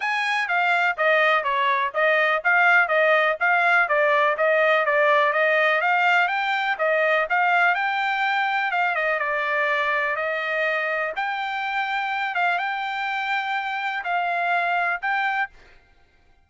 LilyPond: \new Staff \with { instrumentName = "trumpet" } { \time 4/4 \tempo 4 = 124 gis''4 f''4 dis''4 cis''4 | dis''4 f''4 dis''4 f''4 | d''4 dis''4 d''4 dis''4 | f''4 g''4 dis''4 f''4 |
g''2 f''8 dis''8 d''4~ | d''4 dis''2 g''4~ | g''4. f''8 g''2~ | g''4 f''2 g''4 | }